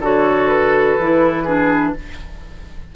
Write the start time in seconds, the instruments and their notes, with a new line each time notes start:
0.00 bassoon D3, clarinet F#4, oboe A4, flute C#5
0.48 flute B4
0.99 bassoon E3, clarinet E4
1.44 clarinet D4, oboe G#4